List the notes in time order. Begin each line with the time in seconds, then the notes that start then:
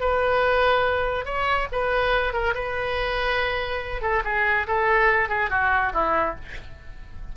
0.00 B4
1.25 C#5
1.72 B4
2.33 A#4
2.54 B4
4.01 A4
4.24 G#4
4.67 A4
5.29 G#4
5.50 F#4
5.93 E4